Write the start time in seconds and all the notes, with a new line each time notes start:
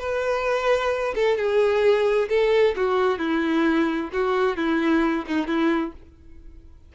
0.00 B4
1.16 A4
1.37 G#4
2.29 A4
2.76 F#4
3.19 E4
4.13 F#4
4.57 E4
5.27 D#4
5.47 E4